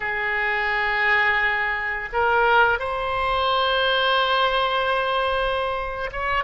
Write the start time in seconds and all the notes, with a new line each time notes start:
0.00 G#4
2.12 A#4
2.79 C5
6.11 C#5